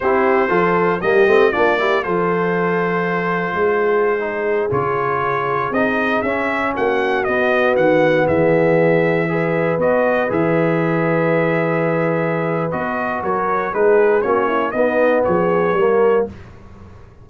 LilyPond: <<
  \new Staff \with { instrumentName = "trumpet" } { \time 4/4 \tempo 4 = 118 c''2 dis''4 d''4 | c''1~ | c''4~ c''16 cis''2 dis''8.~ | dis''16 e''4 fis''4 dis''4 fis''8.~ |
fis''16 e''2. dis''8.~ | dis''16 e''2.~ e''8.~ | e''4 dis''4 cis''4 b'4 | cis''4 dis''4 cis''2 | }
  \new Staff \with { instrumentName = "horn" } { \time 4/4 g'4 a'4 g'4 f'8 g'8 | a'2. gis'4~ | gis'1~ | gis'4~ gis'16 fis'2~ fis'8.~ |
fis'16 gis'2 b'4.~ b'16~ | b'1~ | b'2 ais'4 gis'4 | fis'8 e'8 dis'4 gis'4 ais'4 | }
  \new Staff \with { instrumentName = "trombone" } { \time 4/4 e'4 f'4 ais8 c'8 d'8 e'8 | f'1~ | f'16 dis'4 f'2 dis'8.~ | dis'16 cis'2 b4.~ b16~ |
b2~ b16 gis'4 fis'8.~ | fis'16 gis'2.~ gis'8.~ | gis'4 fis'2 dis'4 | cis'4 b2 ais4 | }
  \new Staff \with { instrumentName = "tuba" } { \time 4/4 c'4 f4 g8 a8 ais4 | f2. gis4~ | gis4~ gis16 cis2 c'8.~ | c'16 cis'4 ais4 b4 dis8.~ |
dis16 e2. b8.~ | b16 e2.~ e8.~ | e4 b4 fis4 gis4 | ais4 b4 f4 g4 | }
>>